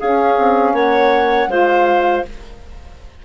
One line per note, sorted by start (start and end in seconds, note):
0.00 0.38 C#4
0.00 1.50 C#4
0.00 0.74 G#4
0.00 0.76 F5
0.38 0.73 C4
0.73 1.48 A#3
0.73 1.49 C#5
0.73 1.50 F#5
1.48 2.23 G#3
1.48 2.25 F4
1.48 2.25 C5
1.48 2.25 F5